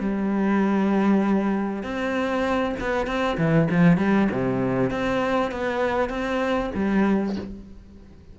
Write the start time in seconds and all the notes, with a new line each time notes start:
0.00 G3
1.83 C4
2.80 B3
3.06 C4
3.38 E3
3.71 F3
3.98 G3
4.31 C3
4.91 C4
5.51 B3
6.09 C4
6.75 G3